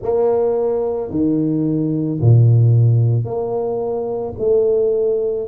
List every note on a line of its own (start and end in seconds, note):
0.02 1.10 A#3
1.10 2.19 D#3
2.20 3.24 A#2
3.24 4.33 A#3
4.38 5.47 A3